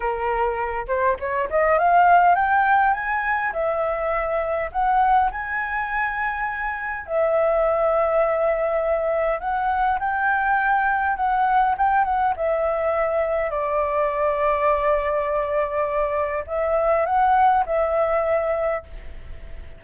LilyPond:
\new Staff \with { instrumentName = "flute" } { \time 4/4 \tempo 4 = 102 ais'4. c''8 cis''8 dis''8 f''4 | g''4 gis''4 e''2 | fis''4 gis''2. | e''1 |
fis''4 g''2 fis''4 | g''8 fis''8 e''2 d''4~ | d''1 | e''4 fis''4 e''2 | }